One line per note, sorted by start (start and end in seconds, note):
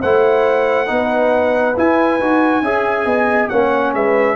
0.00 0.89 A3
0.00 0.87 E4
0.00 0.87 C5
0.00 1.76 F#5
0.87 1.76 B3
0.87 1.74 D#4
0.87 2.64 B4
1.76 2.20 E4
1.76 3.49 G#5
2.20 2.62 D#4
2.20 2.64 F#4
2.62 3.05 C#4
2.62 3.52 G#4
2.62 3.06 E5
3.05 3.49 B3
3.05 3.49 D#5
3.49 3.94 A#3
3.49 4.36 C#4
3.49 3.93 C#5
3.49 3.92 F#5
3.94 4.36 G#3
3.94 4.36 B4
3.94 4.36 E5